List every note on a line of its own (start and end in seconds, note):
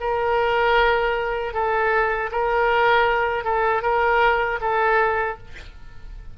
0.00 1.53 A#4
1.53 2.30 A4
2.31 3.44 A#4
3.44 3.82 A4
3.82 4.59 A#4
4.60 5.37 A4